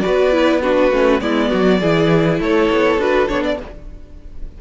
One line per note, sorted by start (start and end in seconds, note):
0.00 0.33 F#4
0.00 0.62 B4
0.00 0.59 D5
0.08 0.92 B3
0.33 0.62 E4
0.62 0.93 D4
0.62 1.22 F#4
0.62 1.21 B4
0.92 1.21 A3
0.92 1.21 C#4
1.21 1.52 G#3
1.21 1.80 B3
1.21 1.50 E4
1.21 2.40 D5
1.50 1.82 F#3
1.50 1.80 F#4
1.81 2.40 E3
1.81 3.00 E4
1.81 2.40 G#4
2.40 2.70 A3
2.40 3.59 A4
2.40 3.01 C#5
2.71 2.98 B3
2.98 3.28 D4
2.98 3.28 F#4
2.98 3.29 B4
3.28 3.61 B3
3.28 3.58 D4
3.28 3.44 C#5
3.44 3.59 D5